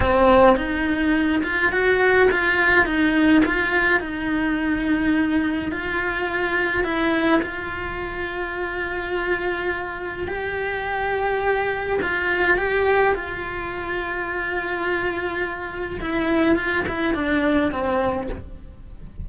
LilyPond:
\new Staff \with { instrumentName = "cello" } { \time 4/4 \tempo 4 = 105 c'4 dis'4. f'8 fis'4 | f'4 dis'4 f'4 dis'4~ | dis'2 f'2 | e'4 f'2.~ |
f'2 g'2~ | g'4 f'4 g'4 f'4~ | f'1 | e'4 f'8 e'8 d'4 c'4 | }